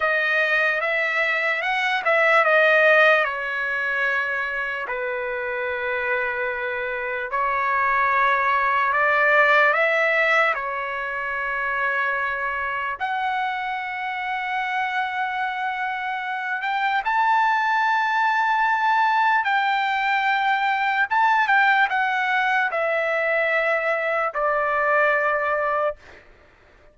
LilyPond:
\new Staff \with { instrumentName = "trumpet" } { \time 4/4 \tempo 4 = 74 dis''4 e''4 fis''8 e''8 dis''4 | cis''2 b'2~ | b'4 cis''2 d''4 | e''4 cis''2. |
fis''1~ | fis''8 g''8 a''2. | g''2 a''8 g''8 fis''4 | e''2 d''2 | }